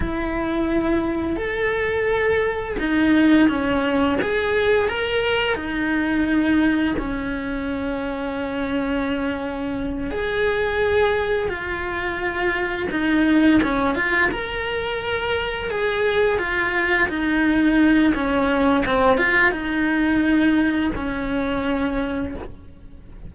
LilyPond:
\new Staff \with { instrumentName = "cello" } { \time 4/4 \tempo 4 = 86 e'2 a'2 | dis'4 cis'4 gis'4 ais'4 | dis'2 cis'2~ | cis'2~ cis'8 gis'4.~ |
gis'8 f'2 dis'4 cis'8 | f'8 ais'2 gis'4 f'8~ | f'8 dis'4. cis'4 c'8 f'8 | dis'2 cis'2 | }